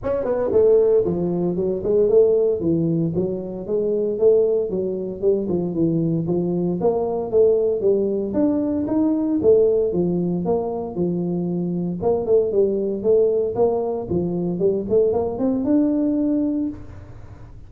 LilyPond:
\new Staff \with { instrumentName = "tuba" } { \time 4/4 \tempo 4 = 115 cis'8 b8 a4 f4 fis8 gis8 | a4 e4 fis4 gis4 | a4 fis4 g8 f8 e4 | f4 ais4 a4 g4 |
d'4 dis'4 a4 f4 | ais4 f2 ais8 a8 | g4 a4 ais4 f4 | g8 a8 ais8 c'8 d'2 | }